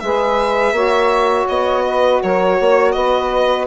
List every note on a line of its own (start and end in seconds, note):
0.00 0.72 G#3
0.00 0.74 G#4
0.00 0.74 B4
0.00 1.46 E5
0.72 1.45 A#3
0.72 3.67 F#4
0.72 1.84 C#5
1.49 2.22 B3
1.49 2.22 D#5
1.86 2.22 B4
2.22 2.60 F#3
2.22 2.58 A#4
2.22 2.92 C#5
2.58 2.95 A#3
2.58 2.94 C#5
2.92 3.67 B3
2.92 3.67 B4
2.92 3.65 D#5